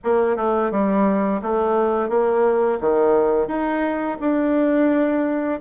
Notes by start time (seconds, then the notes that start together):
0.03 A#3
0.36 A3
0.71 G3
1.41 A3
2.09 A#3
2.80 D#3
3.47 D#4
4.20 D4